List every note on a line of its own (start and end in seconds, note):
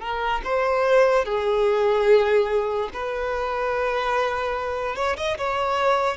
0.00 0.41 A#4
0.44 1.25 C5
1.25 2.90 G#4
2.93 4.96 B4
4.96 5.16 C#5
5.17 5.38 D#5
5.38 6.17 C#5